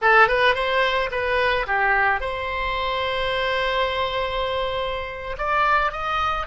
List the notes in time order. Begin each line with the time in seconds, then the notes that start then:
0.02 A4
0.28 B4
0.54 C5
1.11 B4
1.66 G4
2.20 C5
5.37 D5
5.91 D#5